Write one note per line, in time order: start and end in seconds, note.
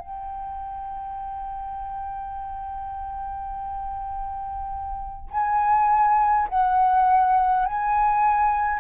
0.00 5.29 G5
5.31 6.49 G#5
6.50 7.66 F#5
7.66 8.80 G#5